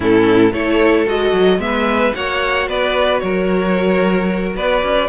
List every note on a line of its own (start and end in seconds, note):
0.00 0.52 A2
0.00 0.52 C#4
0.00 0.52 E4
0.00 0.53 A4
0.52 1.06 A3
0.52 1.06 E4
0.52 1.59 A4
0.52 1.06 C#5
1.06 1.32 G#3
1.06 1.59 F#4
1.06 1.60 D#5
1.32 1.58 F#3
1.58 2.12 G#3
1.58 2.12 B3
1.58 2.13 E5
1.65 2.15 B4
2.14 2.67 A#3
2.14 5.09 F#4
2.14 2.68 C#5
2.14 2.68 F#5
2.67 3.21 B3
2.67 3.22 B4
2.67 3.18 D5
3.18 4.55 F#3
3.18 4.55 A#4
3.18 4.52 C#5
4.55 4.82 B3
4.55 5.09 B4
4.55 5.09 D5
4.82 5.09 C#4